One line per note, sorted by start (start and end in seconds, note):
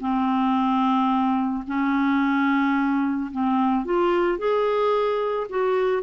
0.00 1.64 C4
1.67 3.30 C#4
3.31 3.85 C4
3.85 4.38 F4
4.38 5.47 G#4
5.49 6.02 F#4